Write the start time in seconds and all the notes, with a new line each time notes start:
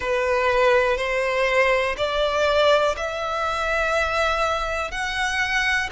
0.00 B4
0.97 C5
1.97 D5
2.96 E5
4.91 F#5